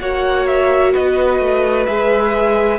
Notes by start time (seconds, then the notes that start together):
0.00 A#3 F#4 C#5 F#5
0.47 E5
0.92 B3 B4 D#5
1.39 A3
1.86 G#3 G#4 E5